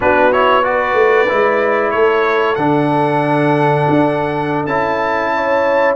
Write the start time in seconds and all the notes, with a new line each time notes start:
0.00 B3 D4 F#4 B4
0.32 E4 C#5
0.63 F#4 B4 D5
0.93 A3
1.28 G#3 E4
1.90 A3 A4 C#5
2.55 D3 D4 F#5
3.89 D4
4.65 C#4 E4 A5
5.34 C#5